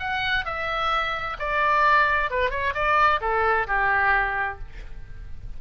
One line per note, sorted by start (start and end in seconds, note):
0.00 0.45 F#5
0.45 1.37 E5
1.39 2.30 D5
2.30 2.51 B4
2.51 2.74 C#5
2.75 3.20 D5
3.21 3.67 A4
3.67 4.59 G4